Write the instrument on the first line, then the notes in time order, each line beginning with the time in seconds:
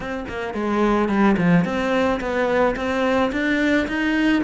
cello
0.00 C4
0.28 A#3
0.54 G#3
1.08 G3
1.37 F3
1.64 C4
2.20 B3
2.76 C4
3.32 D4
3.87 D#4